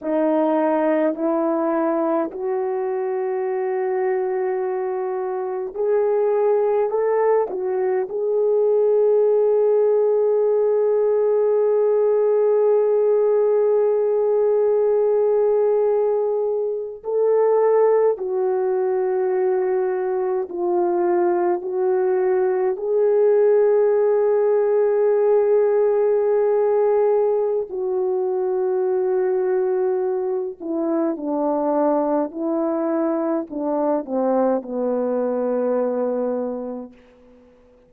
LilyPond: \new Staff \with { instrumentName = "horn" } { \time 4/4 \tempo 4 = 52 dis'4 e'4 fis'2~ | fis'4 gis'4 a'8 fis'8 gis'4~ | gis'1~ | gis'2~ gis'8. a'4 fis'16~ |
fis'4.~ fis'16 f'4 fis'4 gis'16~ | gis'1 | fis'2~ fis'8 e'8 d'4 | e'4 d'8 c'8 b2 | }